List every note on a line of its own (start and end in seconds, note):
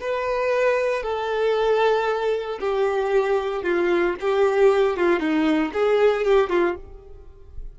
0.00 1.02 B4
1.02 2.59 A4
2.60 3.63 G4
3.63 4.15 F4
4.20 4.97 G4
4.97 5.19 F4
5.19 5.72 D#4
5.73 6.24 G#4
6.24 6.50 G4
6.50 6.76 F4